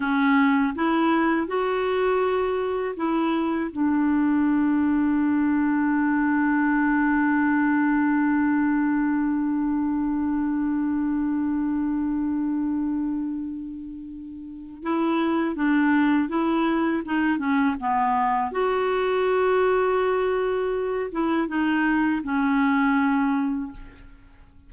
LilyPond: \new Staff \with { instrumentName = "clarinet" } { \time 4/4 \tempo 4 = 81 cis'4 e'4 fis'2 | e'4 d'2.~ | d'1~ | d'1~ |
d'1 | e'4 d'4 e'4 dis'8 cis'8 | b4 fis'2.~ | fis'8 e'8 dis'4 cis'2 | }